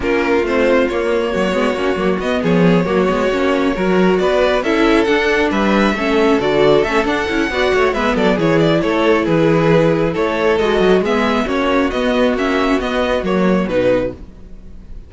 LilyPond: <<
  \new Staff \with { instrumentName = "violin" } { \time 4/4 \tempo 4 = 136 ais'4 c''4 cis''2~ | cis''4 dis''8 cis''2~ cis''8~ | cis''4. d''4 e''4 fis''8~ | fis''8 e''2 d''4 e''8 |
fis''2 e''8 d''8 cis''8 d''8 | cis''4 b'2 cis''4 | dis''4 e''4 cis''4 dis''4 | e''4 dis''4 cis''4 b'4 | }
  \new Staff \with { instrumentName = "violin" } { \time 4/4 f'2. fis'4~ | fis'4. gis'4 fis'4.~ | fis'8 ais'4 b'4 a'4.~ | a'8 b'4 a'2~ a'8~ |
a'4 d''8 cis''8 b'8 a'8 gis'4 | a'4 gis'2 a'4~ | a'4 gis'4 fis'2~ | fis'1 | }
  \new Staff \with { instrumentName = "viola" } { \time 4/4 cis'4 c'4 ais4. b8 | cis'8 ais8 b4. ais8 b8 cis'8~ | cis'8 fis'2 e'4 d'8~ | d'4. cis'4 fis'4 cis'8 |
d'8 e'8 fis'4 b4 e'4~ | e'1 | fis'4 b4 cis'4 b4 | cis'4 b4 ais4 dis'4 | }
  \new Staff \with { instrumentName = "cello" } { \time 4/4 ais4 a4 ais4 fis8 gis8 | ais8 fis8 b8 f4 fis8 gis8 ais8~ | ais8 fis4 b4 cis'4 d'8~ | d'8 g4 a4 d4 a8 |
d'8 cis'8 b8 a8 gis8 fis8 e4 | a4 e2 a4 | gis8 fis8 gis4 ais4 b4 | ais4 b4 fis4 b,4 | }
>>